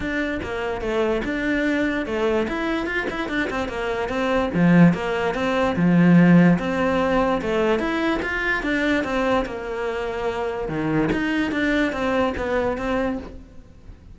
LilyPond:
\new Staff \with { instrumentName = "cello" } { \time 4/4 \tempo 4 = 146 d'4 ais4 a4 d'4~ | d'4 a4 e'4 f'8 e'8 | d'8 c'8 ais4 c'4 f4 | ais4 c'4 f2 |
c'2 a4 e'4 | f'4 d'4 c'4 ais4~ | ais2 dis4 dis'4 | d'4 c'4 b4 c'4 | }